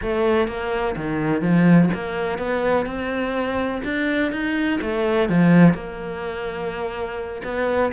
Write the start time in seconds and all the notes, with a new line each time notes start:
0.02 A3
0.47 A#3
0.96 D#3
1.41 F3
1.94 A#3
2.38 B3
2.86 C4
3.84 D4
4.32 D#4
4.81 A3
5.29 F3
5.74 A#3
7.44 B3